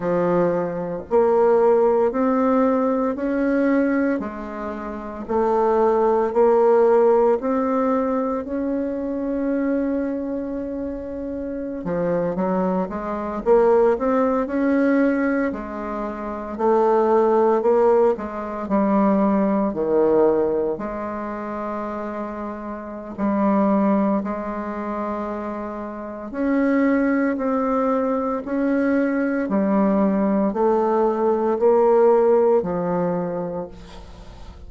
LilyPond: \new Staff \with { instrumentName = "bassoon" } { \time 4/4 \tempo 4 = 57 f4 ais4 c'4 cis'4 | gis4 a4 ais4 c'4 | cis'2.~ cis'16 f8 fis16~ | fis16 gis8 ais8 c'8 cis'4 gis4 a16~ |
a8. ais8 gis8 g4 dis4 gis16~ | gis2 g4 gis4~ | gis4 cis'4 c'4 cis'4 | g4 a4 ais4 f4 | }